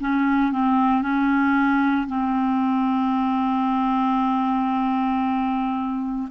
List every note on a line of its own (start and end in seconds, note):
0.00 0.52 C#4
0.52 1.01 C4
1.01 2.07 C#4
2.07 6.28 C4